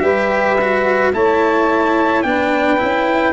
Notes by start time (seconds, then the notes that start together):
0.00 G3 G4 B4 E5
0.61 F#4
1.13 A3 E4 C#5 A5
2.23 B3 D4 B4 G5
2.78 C#4 E4